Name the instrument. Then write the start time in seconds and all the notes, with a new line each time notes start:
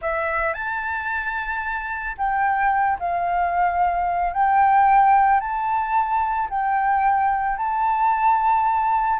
flute
0.01 E5
0.53 A5
2.17 G5
2.99 F5
4.33 G5
5.40 A5
6.49 G5
7.57 A5